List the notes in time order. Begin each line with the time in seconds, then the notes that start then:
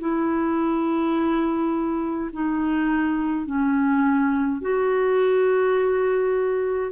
0.00 E4
2.33 D#4
3.47 C#4
4.62 F#4